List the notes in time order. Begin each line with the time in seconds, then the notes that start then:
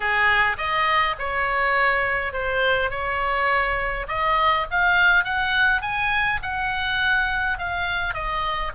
0.00 G#4
0.57 D#5
1.18 C#5
2.32 C5
2.90 C#5
4.08 D#5
4.70 F5
5.24 F#5
5.81 G#5
6.42 F#5
7.58 F5
8.13 D#5